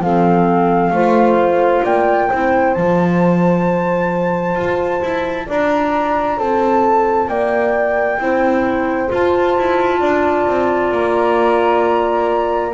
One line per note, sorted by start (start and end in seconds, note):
0.00 0.91 F3
0.00 0.94 C4
0.00 0.94 A4
0.00 1.85 F5
0.91 1.82 A3
0.91 2.30 F4
0.91 1.84 C5
1.84 2.30 A#3
1.84 2.29 D5
1.84 2.75 G5
2.29 2.77 C4
2.29 2.76 E4
2.29 5.47 C5
2.75 4.55 F3
2.75 8.20 F4
2.75 5.47 A5
4.55 5.01 F4
5.03 5.48 E4
5.47 6.39 D4
5.47 6.38 D5
5.47 6.40 A#5
6.38 7.28 C4
6.38 7.29 A4
6.38 7.29 A5
7.28 8.19 A#3
7.28 8.21 D5
7.28 9.11 G5
8.19 9.10 C4
8.19 9.08 E4
8.19 10.00 C5
9.08 12.72 F4
9.08 9.58 F4
9.08 10.94 A5
9.59 10.01 E4
10.00 10.47 D4
10.00 12.73 D5
10.47 10.92 C4
10.92 12.74 A#3
10.92 12.75 A#5